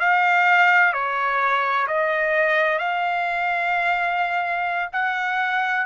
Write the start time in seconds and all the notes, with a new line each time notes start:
0.00 F5
0.93 C#5
1.88 D#5
2.79 F5
4.93 F#5